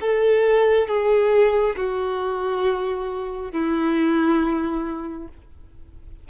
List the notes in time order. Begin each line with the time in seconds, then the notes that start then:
0.00 A4
0.87 G#4
1.76 F#4
3.52 E4